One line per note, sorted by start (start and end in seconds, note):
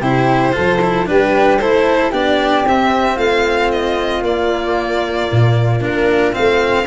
0.00 0.53 C3
0.00 0.52 E4
0.00 0.53 G4
0.00 1.07 C5
0.52 1.08 F3
0.52 0.78 F4
0.52 1.07 A4
0.81 1.06 E4
1.06 1.59 G3
1.06 1.58 D4
1.06 1.61 G4
1.06 1.58 B4
1.58 2.11 A3
1.58 2.12 E4
1.58 2.11 A4
1.58 2.11 C5
2.11 2.64 B3
2.11 2.64 D4
2.11 3.15 G4
2.11 2.66 D5
2.64 3.17 C4
2.64 4.24 C4
2.64 3.18 E5
3.15 4.21 A3
3.15 6.83 F4
3.15 3.70 F5
3.71 4.23 D#5
4.21 5.26 A#3
4.21 5.80 A#3
4.21 5.81 D5
5.31 5.82 A#2
5.80 6.35 A#3
5.80 6.32 D4
5.80 6.34 A#4
6.32 6.86 A3
6.32 6.85 C4
6.32 6.86 F5